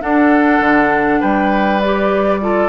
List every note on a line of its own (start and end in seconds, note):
0.00 1.80 D4
0.00 0.60 D4
0.00 1.20 A4
0.00 1.21 F#5
0.60 1.20 D3
1.20 2.69 G3
1.20 2.40 B4
1.20 1.80 G5
1.80 2.41 G4
1.80 2.69 D5
2.41 2.69 F4
2.41 2.69 A4